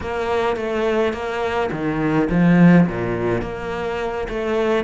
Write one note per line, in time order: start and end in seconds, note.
0.00 0.56 A#3
0.56 1.13 A3
1.13 1.70 A#3
1.71 2.29 D#3
2.30 2.87 F3
2.87 3.41 A#2
3.41 4.27 A#3
4.29 4.84 A3